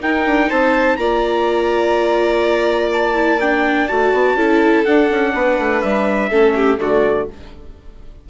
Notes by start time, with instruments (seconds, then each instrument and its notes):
0.00 viola D#4, bassoon D#4, violin A#4, trumpet G5
0.26 bassoon D4
0.49 bassoon C4, violin C5, trumpet A5
0.96 bassoon A#3, viola F4, violin D5, trumpet A#5
2.93 trumpet A5
3.14 viola E4
3.41 viola D4, trumpet G5
3.88 bassoon A3, viola F#4, trumpet A5
4.13 bassoon B3
4.34 bassoon C#4, viola E4, violin A4
4.85 viola D4, bassoon D4, trumpet F#5
5.10 bassoon C#4
5.34 bassoon B3, violin B4
5.58 bassoon A3
5.81 bassoon G3, trumpet E5
6.29 bassoon A3, viola C#4, violin A4
6.55 violin G4
6.77 bassoon D3, viola A3, violin F#4, trumpet D5